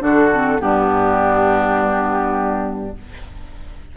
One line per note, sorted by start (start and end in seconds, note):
0.00 0.59 D3
0.00 0.29 D4
0.00 0.61 F#4
0.00 0.61 A4
0.34 0.58 C4
0.58 2.97 G2
0.58 2.94 B3
0.58 2.96 D4
0.58 2.97 G4